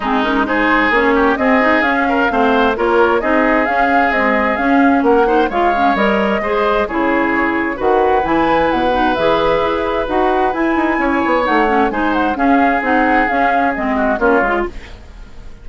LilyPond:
<<
  \new Staff \with { instrumentName = "flute" } { \time 4/4 \tempo 4 = 131 gis'8 ais'8 c''4 cis''4 dis''4 | f''2 cis''4 dis''4 | f''4 dis''4 f''4 fis''4 | f''4 dis''2 cis''4~ |
cis''4 fis''4 gis''4 fis''4 | e''2 fis''4 gis''4~ | gis''4 fis''4 gis''8 fis''8 f''4 | fis''4 f''4 dis''4 cis''4 | }
  \new Staff \with { instrumentName = "oboe" } { \time 4/4 dis'4 gis'4. g'8 gis'4~ | gis'8 ais'8 c''4 ais'4 gis'4~ | gis'2. ais'8 c''8 | cis''2 c''4 gis'4~ |
gis'4 b'2.~ | b'1 | cis''2 c''4 gis'4~ | gis'2~ gis'8 fis'8 f'4 | }
  \new Staff \with { instrumentName = "clarinet" } { \time 4/4 c'8 cis'8 dis'4 cis'4 c'8 dis'8 | cis'4 c'4 f'4 dis'4 | cis'4 gis4 cis'4. dis'8 | f'8 cis'8 ais'4 gis'4 e'4~ |
e'4 fis'4 e'4. dis'8 | gis'2 fis'4 e'4~ | e'4 dis'8 cis'8 dis'4 cis'4 | dis'4 cis'4 c'4 cis'8 f'8 | }
  \new Staff \with { instrumentName = "bassoon" } { \time 4/4 gis2 ais4 c'4 | cis'4 a4 ais4 c'4 | cis'4 c'4 cis'4 ais4 | gis4 g4 gis4 cis4~ |
cis4 dis4 e4 b,4 | e4 e'4 dis'4 e'8 dis'8 | cis'8 b8 a4 gis4 cis'4 | c'4 cis'4 gis4 ais8 gis8 | }
>>